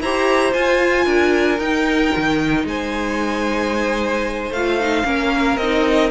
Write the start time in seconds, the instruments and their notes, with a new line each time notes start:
0.00 cello E4, viola G4, violin C5 A#5
0.52 viola F4, cello F4, violin G#5
1.04 cello D4, violin A#4
1.58 cello D#4, viola D#4, violin G5
2.16 cello D#3
2.64 cello G#3, violin C5 G#5
4.50 cello A3, viola F4, violin F5
4.80 viola D#4
5.04 cello A#3, viola C#4, violin A#4
5.57 cello C4, viola D#4, violin D#5